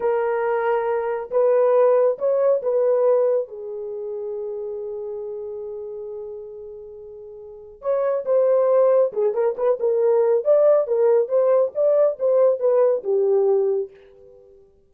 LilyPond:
\new Staff \with { instrumentName = "horn" } { \time 4/4 \tempo 4 = 138 ais'2. b'4~ | b'4 cis''4 b'2 | gis'1~ | gis'1~ |
gis'2 cis''4 c''4~ | c''4 gis'8 ais'8 b'8 ais'4. | d''4 ais'4 c''4 d''4 | c''4 b'4 g'2 | }